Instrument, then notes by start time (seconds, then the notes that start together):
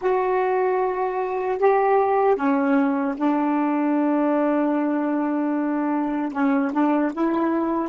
saxophone
0.01 F#4
1.58 G4
2.35 C#4
3.16 D4
6.32 C#4
6.72 D4
7.13 E4